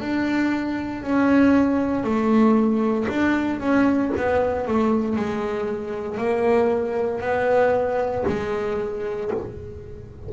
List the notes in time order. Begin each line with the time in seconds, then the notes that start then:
0.00 D4
1.03 C#4
2.04 A3
3.08 D4
3.60 C#4
4.17 B3
4.67 A3
5.16 G#3
6.18 A#3
7.21 B3
8.28 G#3